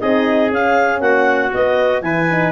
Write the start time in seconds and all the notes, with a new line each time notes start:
0.00 C4 D#4 G#4 D#5
0.50 C#4 F5
1.00 A#3 F#4 F#5
1.51 B3 D#5
2.01 E3 E4 B4 G#5
2.31 D#4